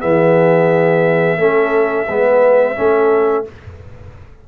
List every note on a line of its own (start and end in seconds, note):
0.00 1.37 E3
0.00 1.38 B3
0.00 1.39 G#4
0.00 3.46 E5
1.37 2.06 A3
1.37 2.07 C#4
1.37 2.08 A4
2.08 2.77 G#3
2.08 2.76 B3
2.08 2.77 B4
2.76 3.48 A3
2.76 3.45 C#4
2.76 3.47 A4